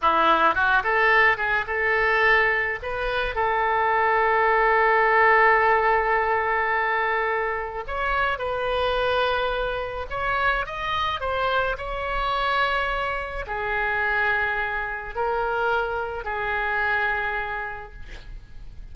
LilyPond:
\new Staff \with { instrumentName = "oboe" } { \time 4/4 \tempo 4 = 107 e'4 fis'8 a'4 gis'8 a'4~ | a'4 b'4 a'2~ | a'1~ | a'2 cis''4 b'4~ |
b'2 cis''4 dis''4 | c''4 cis''2. | gis'2. ais'4~ | ais'4 gis'2. | }